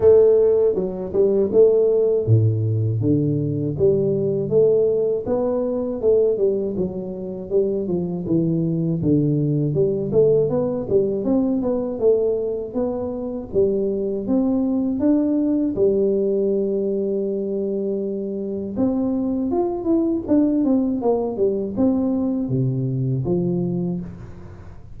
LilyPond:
\new Staff \with { instrumentName = "tuba" } { \time 4/4 \tempo 4 = 80 a4 fis8 g8 a4 a,4 | d4 g4 a4 b4 | a8 g8 fis4 g8 f8 e4 | d4 g8 a8 b8 g8 c'8 b8 |
a4 b4 g4 c'4 | d'4 g2.~ | g4 c'4 f'8 e'8 d'8 c'8 | ais8 g8 c'4 c4 f4 | }